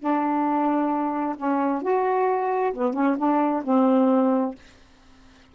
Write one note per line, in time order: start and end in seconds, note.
0.00 1.36 D4
1.37 1.83 C#4
1.83 2.74 F#4
2.74 2.94 B3
2.94 3.17 C#4
3.18 3.63 D4
3.65 4.56 C4